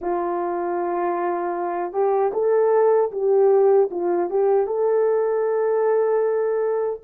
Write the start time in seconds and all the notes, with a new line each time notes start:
0.01 F4
1.92 G4
2.33 A4
3.11 G4
3.91 F4
4.30 G4
4.66 A4